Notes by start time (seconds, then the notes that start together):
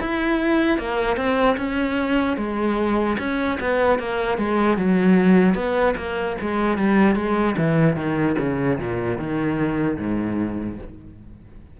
0.00 E4
0.78 A#3
1.16 C4
1.57 C#4
2.37 G#3
3.18 C#4
3.60 B3
3.99 A#3
4.37 G#3
4.77 F#3
5.55 B3
5.96 A#3
6.41 G#3
6.77 G3
7.15 G#3
7.57 E3
7.95 D#3
8.39 C#3
8.79 A#2
9.17 D#3
9.98 G#2